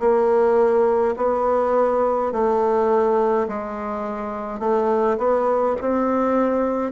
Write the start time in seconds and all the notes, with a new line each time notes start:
0.00 A#3
1.17 B3
2.32 A3
3.48 G#3
4.60 A3
5.18 B3
5.81 C4